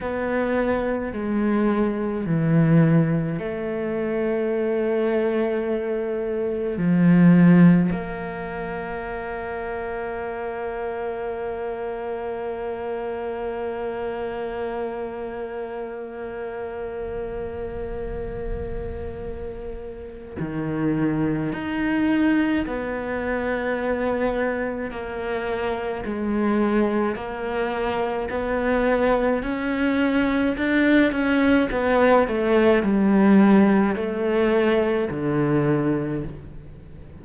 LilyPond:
\new Staff \with { instrumentName = "cello" } { \time 4/4 \tempo 4 = 53 b4 gis4 e4 a4~ | a2 f4 ais4~ | ais1~ | ais1~ |
ais2 dis4 dis'4 | b2 ais4 gis4 | ais4 b4 cis'4 d'8 cis'8 | b8 a8 g4 a4 d4 | }